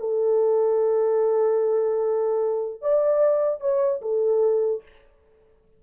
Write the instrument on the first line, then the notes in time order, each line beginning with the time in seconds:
horn
0.00 A4
2.82 D5
3.61 C#5
4.02 A4